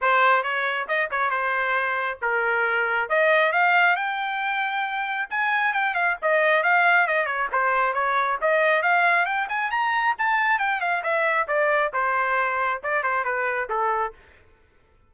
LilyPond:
\new Staff \with { instrumentName = "trumpet" } { \time 4/4 \tempo 4 = 136 c''4 cis''4 dis''8 cis''8 c''4~ | c''4 ais'2 dis''4 | f''4 g''2. | gis''4 g''8 f''8 dis''4 f''4 |
dis''8 cis''8 c''4 cis''4 dis''4 | f''4 g''8 gis''8 ais''4 a''4 | g''8 f''8 e''4 d''4 c''4~ | c''4 d''8 c''8 b'4 a'4 | }